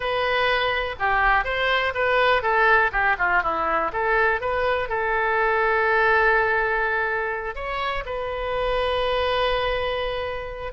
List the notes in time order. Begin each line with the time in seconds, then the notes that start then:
0.00 B4
0.99 G4
1.44 C5
1.94 B4
2.42 A4
2.92 G4
3.18 F4
3.43 E4
3.92 A4
4.41 B4
4.88 A4
7.55 C#5
8.05 B4